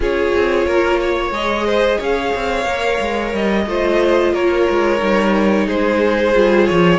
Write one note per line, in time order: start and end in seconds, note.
0.00 0.31 C#4
0.00 1.32 F4
0.00 0.66 G#4
0.00 1.33 C#5
0.35 0.66 C4
0.66 1.30 A#3
0.66 0.99 A#4
1.00 1.66 C#5
1.30 1.97 G#3
1.30 2.65 G#4
1.30 2.00 D#5
1.66 1.97 C5
1.97 2.34 C#4
1.97 3.64 C#5
1.97 3.34 F5
2.34 2.65 C4
2.65 2.98 A#3
2.65 3.66 A#4
3.00 3.33 G#3
3.33 3.66 G3
3.33 4.34 D#5
3.66 4.32 A3
3.66 4.98 F4
3.66 4.33 C5
4.32 4.66 A#3
4.32 5.66 A#4
4.32 5.68 C#5
4.69 5.01 G#3
4.98 5.67 G3
4.98 6.32 D#4
5.66 6.35 G#3
5.66 6.98 G#4
5.66 6.66 C5
6.34 6.69 G3
6.34 6.98 F4
6.66 6.98 F3
6.66 6.98 C#5